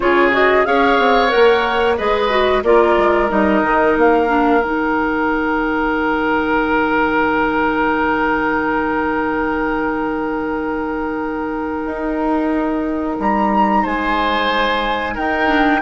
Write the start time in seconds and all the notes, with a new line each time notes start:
0.00 C#3 F4 G#4 C#5
0.32 F#4 D#5
0.65 C#4 G#4 C#5 F5
0.98 C4
1.28 A#4 F#5
1.35 A#3
1.97 G#3 G#4 B4 D#5
2.29 F#4
2.62 A#3 F4 A#4 D5
2.97 G#3
3.28 G3 D#4 D#5
3.62 D#3
3.96 A#3 F5
4.27 D4
4.62 D#3 D#4 G5
11.85 D#4
13.19 G3 A#5
13.82 G#3 C5 G#5
15.14 D#4 A#4 G5
15.46 D4